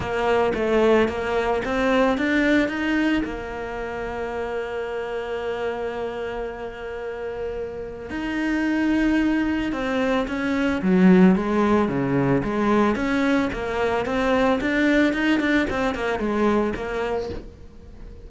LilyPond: \new Staff \with { instrumentName = "cello" } { \time 4/4 \tempo 4 = 111 ais4 a4 ais4 c'4 | d'4 dis'4 ais2~ | ais1~ | ais2. dis'4~ |
dis'2 c'4 cis'4 | fis4 gis4 cis4 gis4 | cis'4 ais4 c'4 d'4 | dis'8 d'8 c'8 ais8 gis4 ais4 | }